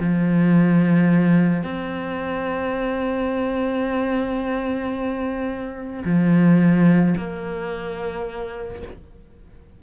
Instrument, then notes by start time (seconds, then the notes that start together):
cello
0.00 F3
1.63 C4
6.05 F3
7.18 A#3